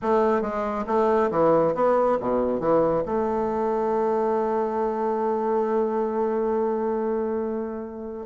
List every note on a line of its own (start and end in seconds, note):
0.02 0.41 A3
0.41 0.85 G#3
0.86 1.30 A3
1.30 1.74 E3
1.75 2.18 B3
2.20 2.59 B2
2.59 3.03 E3
3.05 8.26 A3